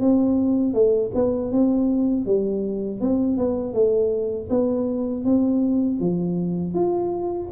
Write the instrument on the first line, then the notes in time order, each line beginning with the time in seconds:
tuba
0.00 C4
0.74 A3
1.15 B3
1.52 C4
2.26 G3
3.01 C4
3.38 B3
3.74 A3
4.50 B3
5.25 C4
6.00 F3
6.74 F4